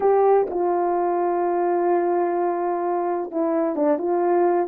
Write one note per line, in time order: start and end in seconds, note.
0.00 0.47 G4
0.49 3.31 F4
3.31 3.75 E4
3.75 3.98 D4
3.98 4.67 F4